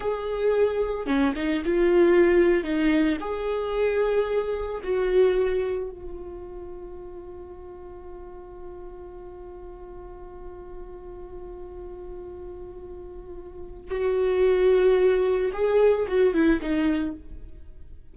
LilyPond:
\new Staff \with { instrumentName = "viola" } { \time 4/4 \tempo 4 = 112 gis'2 cis'8 dis'8 f'4~ | f'4 dis'4 gis'2~ | gis'4 fis'2 f'4~ | f'1~ |
f'1~ | f'1~ | f'2 fis'2~ | fis'4 gis'4 fis'8 e'8 dis'4 | }